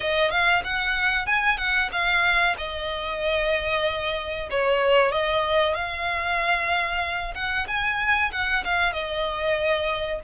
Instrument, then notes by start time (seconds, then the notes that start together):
violin
0.00 D#5
0.30 F5
0.64 F#5
1.26 G#5
1.57 F#5
1.91 F5
2.57 D#5
4.50 C#5
5.11 D#5
5.74 F5
7.35 F#5
7.67 G#5
8.32 F#5
8.64 F5
8.92 D#5